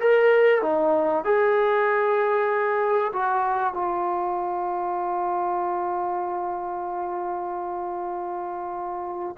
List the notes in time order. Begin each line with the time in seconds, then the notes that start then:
0.00 A#4
0.62 D#4
1.24 G#4
3.13 F#4
3.74 F4